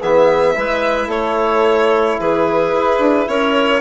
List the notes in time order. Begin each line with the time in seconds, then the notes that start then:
0.00 E3 B3 G#4 E5
0.56 G#3 E4 B4
1.07 A3 A4 C#5
2.20 E3 G#4 B4
2.73 E4
2.99 D4
3.28 C#4 A#4 C#5